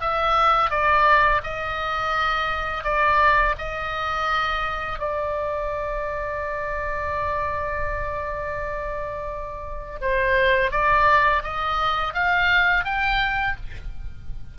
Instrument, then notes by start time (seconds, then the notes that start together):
oboe
0.00 E5
0.70 D5
1.43 D#5
2.83 D5
3.58 D#5
4.99 D5
10.01 C5
10.71 D5
11.43 D#5
12.13 F5
12.84 G5